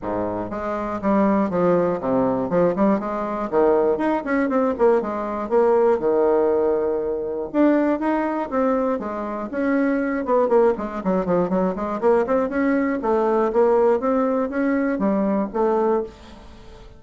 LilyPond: \new Staff \with { instrumentName = "bassoon" } { \time 4/4 \tempo 4 = 120 gis,4 gis4 g4 f4 | c4 f8 g8 gis4 dis4 | dis'8 cis'8 c'8 ais8 gis4 ais4 | dis2. d'4 |
dis'4 c'4 gis4 cis'4~ | cis'8 b8 ais8 gis8 fis8 f8 fis8 gis8 | ais8 c'8 cis'4 a4 ais4 | c'4 cis'4 g4 a4 | }